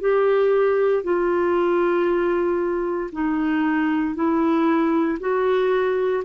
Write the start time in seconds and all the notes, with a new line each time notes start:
0.00 G4
1.03 F4
3.12 D#4
4.15 E4
5.20 F#4